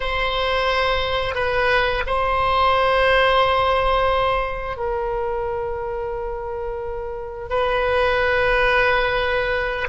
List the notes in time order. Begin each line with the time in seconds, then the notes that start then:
0.00 C5
1.35 B4
2.06 C5
4.76 A#4
7.49 B4